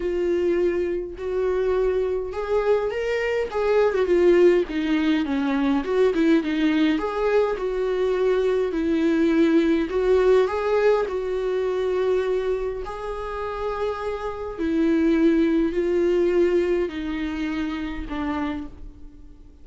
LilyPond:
\new Staff \with { instrumentName = "viola" } { \time 4/4 \tempo 4 = 103 f'2 fis'2 | gis'4 ais'4 gis'8. fis'16 f'4 | dis'4 cis'4 fis'8 e'8 dis'4 | gis'4 fis'2 e'4~ |
e'4 fis'4 gis'4 fis'4~ | fis'2 gis'2~ | gis'4 e'2 f'4~ | f'4 dis'2 d'4 | }